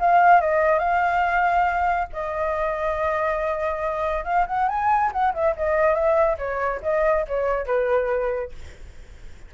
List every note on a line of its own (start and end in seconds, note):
0.00 0.41 F5
0.41 0.79 D#5
0.79 2.08 F5
2.13 4.25 D#5
4.25 4.46 F5
4.47 4.69 F#5
4.69 5.12 G#5
5.13 5.34 F#5
5.34 5.56 E5
5.57 5.95 D#5
5.95 6.38 E5
6.39 6.81 C#5
6.83 7.26 D#5
7.28 7.66 C#5
7.66 8.52 B4